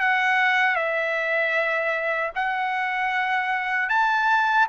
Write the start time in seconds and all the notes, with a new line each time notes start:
0.00 F#5
0.75 E5
2.35 F#5
3.89 A5